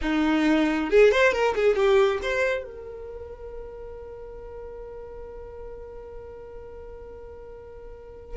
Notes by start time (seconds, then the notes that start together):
0.01 D#4
0.89 G#4
1.11 C5
1.32 A#4
1.55 G#4
1.75 G4
2.22 C5
2.64 A#4